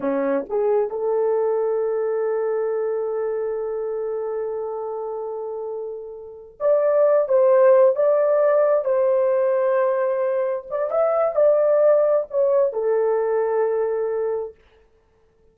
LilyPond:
\new Staff \with { instrumentName = "horn" } { \time 4/4 \tempo 4 = 132 cis'4 gis'4 a'2~ | a'1~ | a'1~ | a'2~ a'8 d''4. |
c''4. d''2 c''8~ | c''2.~ c''8 d''8 | e''4 d''2 cis''4 | a'1 | }